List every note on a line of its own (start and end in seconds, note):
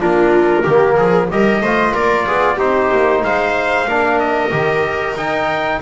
0.00 0.65 A#3
0.00 0.65 D4
0.00 0.63 F4
0.00 1.31 A#4
0.63 0.98 D#3
0.63 1.31 A#3
0.63 0.96 G4
0.97 1.31 F3
0.97 1.29 G#4
1.31 1.61 G3
1.31 1.64 G4
1.31 1.62 A#4
1.31 1.95 D#5
1.61 1.94 A3
1.61 2.59 F4
1.61 1.94 C5
1.94 2.27 A#3
1.94 2.26 A#4
1.94 2.59 D5
2.26 2.59 B3
2.26 2.56 G#4
2.56 2.91 C4
2.56 3.88 D#4
2.56 3.21 G4
2.56 3.24 C5
2.92 3.23 A#3
3.23 3.87 G#3
3.23 3.88 C5
3.23 4.20 F5
3.88 4.52 A#3
3.88 4.51 D4
3.88 5.82 A#4
4.20 5.17 D#5
4.51 5.16 D#3
4.51 5.16 G4
5.16 5.80 D#4
5.16 5.82 D#4
5.16 5.82 G5